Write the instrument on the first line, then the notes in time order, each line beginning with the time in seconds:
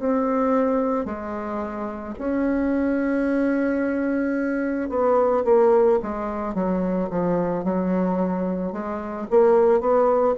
bassoon
0.00 C4
1.06 G#3
2.19 C#4
4.90 B3
5.45 A#3
6.03 G#3
6.55 F#3
7.11 F3
7.65 F#3
8.73 G#3
9.31 A#3
9.81 B3